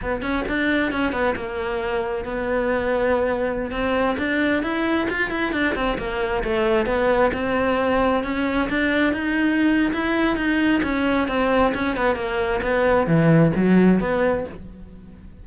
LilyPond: \new Staff \with { instrumentName = "cello" } { \time 4/4 \tempo 4 = 133 b8 cis'8 d'4 cis'8 b8 ais4~ | ais4 b2.~ | b16 c'4 d'4 e'4 f'8 e'16~ | e'16 d'8 c'8 ais4 a4 b8.~ |
b16 c'2 cis'4 d'8.~ | d'16 dis'4.~ dis'16 e'4 dis'4 | cis'4 c'4 cis'8 b8 ais4 | b4 e4 fis4 b4 | }